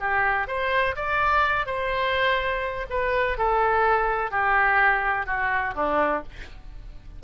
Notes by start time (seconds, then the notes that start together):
0.00 G4
0.47 C5
0.96 D5
1.66 C5
2.90 B4
3.38 A4
4.31 G4
5.26 F#4
5.75 D4